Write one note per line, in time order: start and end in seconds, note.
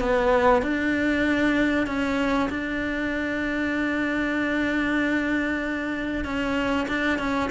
0.00 0.62 B3
0.62 1.87 D4
1.87 2.49 C#4
2.50 6.25 D4
6.25 6.88 C#4
6.89 7.19 D4
7.19 7.50 C#4